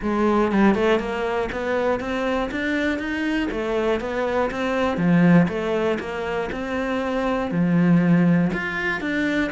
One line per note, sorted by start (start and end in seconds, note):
0.02 0.52 G#3
0.52 0.75 G3
0.75 0.99 A3
0.99 1.49 A#3
1.52 2.00 B3
2.00 2.50 C4
2.51 2.99 D4
2.99 3.49 D#4
3.51 4.00 A3
4.00 4.50 B3
4.50 4.97 C4
4.97 5.47 F3
5.48 5.98 A3
5.99 6.49 A#3
6.51 7.51 C4
7.51 8.51 F3
8.53 9.00 F4
9.00 9.50 D4